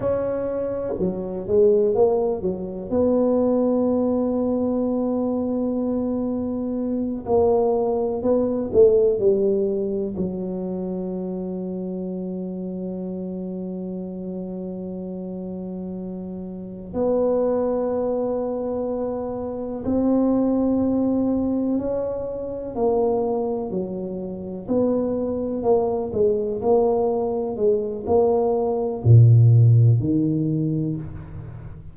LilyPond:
\new Staff \with { instrumentName = "tuba" } { \time 4/4 \tempo 4 = 62 cis'4 fis8 gis8 ais8 fis8 b4~ | b2.~ b8 ais8~ | ais8 b8 a8 g4 fis4.~ | fis1~ |
fis4. b2~ b8~ | b8 c'2 cis'4 ais8~ | ais8 fis4 b4 ais8 gis8 ais8~ | ais8 gis8 ais4 ais,4 dis4 | }